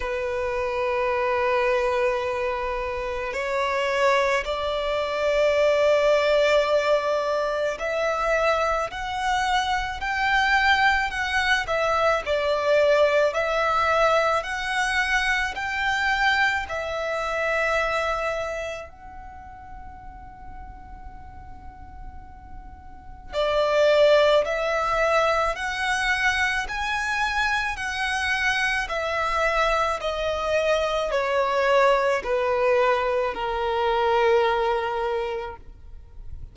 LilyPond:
\new Staff \with { instrumentName = "violin" } { \time 4/4 \tempo 4 = 54 b'2. cis''4 | d''2. e''4 | fis''4 g''4 fis''8 e''8 d''4 | e''4 fis''4 g''4 e''4~ |
e''4 fis''2.~ | fis''4 d''4 e''4 fis''4 | gis''4 fis''4 e''4 dis''4 | cis''4 b'4 ais'2 | }